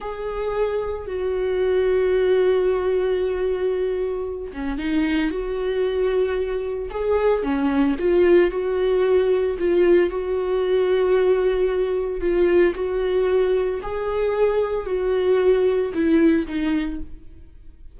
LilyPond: \new Staff \with { instrumentName = "viola" } { \time 4/4 \tempo 4 = 113 gis'2 fis'2~ | fis'1~ | fis'8 cis'8 dis'4 fis'2~ | fis'4 gis'4 cis'4 f'4 |
fis'2 f'4 fis'4~ | fis'2. f'4 | fis'2 gis'2 | fis'2 e'4 dis'4 | }